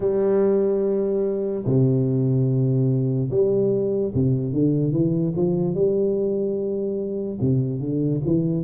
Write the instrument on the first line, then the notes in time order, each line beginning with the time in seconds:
tuba
0.00 G3
1.65 C3
3.30 G3
4.14 C3
4.52 D3
4.92 E3
5.35 F3
5.74 G3
7.40 C3
7.80 D3
8.25 E3